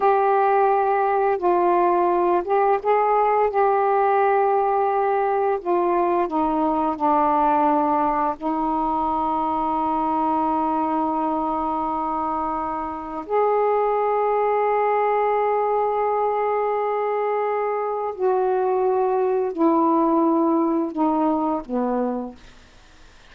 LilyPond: \new Staff \with { instrumentName = "saxophone" } { \time 4/4 \tempo 4 = 86 g'2 f'4. g'8 | gis'4 g'2. | f'4 dis'4 d'2 | dis'1~ |
dis'2. gis'4~ | gis'1~ | gis'2 fis'2 | e'2 dis'4 b4 | }